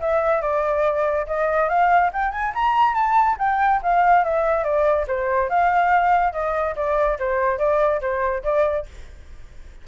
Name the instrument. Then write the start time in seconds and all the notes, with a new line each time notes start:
flute
0.00 E5
0.41 D5
1.26 D#5
1.69 F5
2.13 G5
2.31 G#5
2.54 A#5
2.94 A5
3.38 G5
3.82 F5
4.24 E5
4.64 D5
5.07 C5
5.49 F5
6.32 D#5
6.76 D5
7.19 C5
7.58 D5
8.01 C5
8.43 D5